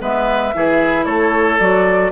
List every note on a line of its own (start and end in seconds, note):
0.00 0.54 G#3
0.00 0.53 B3
0.00 0.55 B4
0.00 1.06 E5
0.55 1.06 E3
0.55 1.60 E4
0.55 1.06 G#4
1.06 1.59 A3
1.06 2.12 A4
1.06 1.59 C#5
1.59 2.12 F#3
1.59 2.12 F#4
1.59 2.12 D5